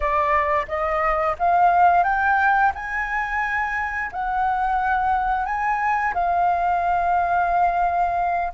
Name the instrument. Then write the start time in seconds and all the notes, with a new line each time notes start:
flute
0.00 D5
0.68 D#5
1.39 F5
2.03 G5
2.74 G#5
4.12 F#5
5.45 G#5
6.14 F5